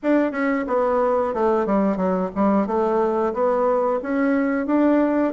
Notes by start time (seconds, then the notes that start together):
0.02 D4
0.32 C#4
0.67 B3
1.34 A3
1.65 G3
1.96 F#3
2.35 G3
2.66 A3
3.33 B3
4.02 C#4
4.66 D4